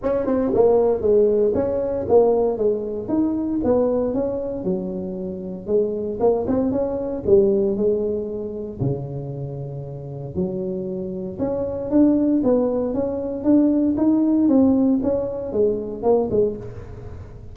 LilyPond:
\new Staff \with { instrumentName = "tuba" } { \time 4/4 \tempo 4 = 116 cis'8 c'8 ais4 gis4 cis'4 | ais4 gis4 dis'4 b4 | cis'4 fis2 gis4 | ais8 c'8 cis'4 g4 gis4~ |
gis4 cis2. | fis2 cis'4 d'4 | b4 cis'4 d'4 dis'4 | c'4 cis'4 gis4 ais8 gis8 | }